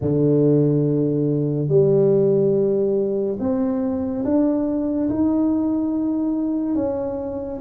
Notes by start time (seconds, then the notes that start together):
0.01 D3
1.68 G3
3.39 C4
4.24 D4
5.09 D#4
6.75 C#4